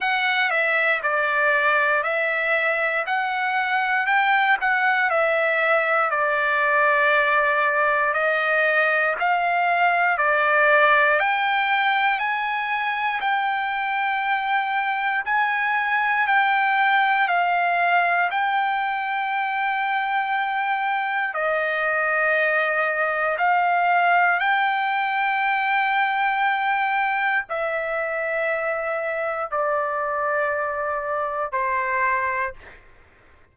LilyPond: \new Staff \with { instrumentName = "trumpet" } { \time 4/4 \tempo 4 = 59 fis''8 e''8 d''4 e''4 fis''4 | g''8 fis''8 e''4 d''2 | dis''4 f''4 d''4 g''4 | gis''4 g''2 gis''4 |
g''4 f''4 g''2~ | g''4 dis''2 f''4 | g''2. e''4~ | e''4 d''2 c''4 | }